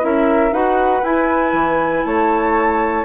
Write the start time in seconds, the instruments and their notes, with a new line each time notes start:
0.00 bassoon C#4, clarinet E4, flute A#4 E5
0.51 bassoon D#4, clarinet F#4, flute B4 F#5
1.02 bassoon E4, clarinet E4, flute G#5
1.52 bassoon E3
2.04 bassoon A3, flute C#5 A5